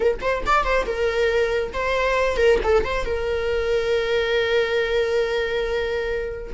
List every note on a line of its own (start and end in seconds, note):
0.00 0.18 A#4
0.21 0.43 C5
0.46 0.63 D5
0.63 0.85 C5
0.85 1.72 A#4
1.73 2.37 C5
2.37 2.58 A#4
2.63 2.84 A4
2.84 3.05 C5
3.05 6.52 A#4